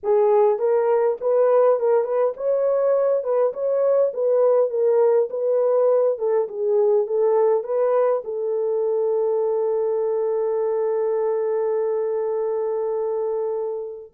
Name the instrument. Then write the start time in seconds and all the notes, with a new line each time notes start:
horn
0.03 G#4
0.59 A#4
1.20 B4
1.79 A#4
2.04 B4
2.37 C#5
3.23 B4
3.53 C#5
4.13 B4
4.70 A#4
5.30 B4
6.18 A4
6.48 G#4
7.06 A4
7.63 B4
8.24 A4